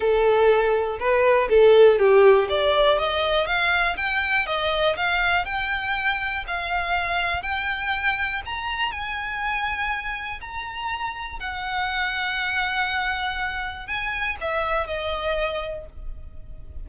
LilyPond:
\new Staff \with { instrumentName = "violin" } { \time 4/4 \tempo 4 = 121 a'2 b'4 a'4 | g'4 d''4 dis''4 f''4 | g''4 dis''4 f''4 g''4~ | g''4 f''2 g''4~ |
g''4 ais''4 gis''2~ | gis''4 ais''2 fis''4~ | fis''1 | gis''4 e''4 dis''2 | }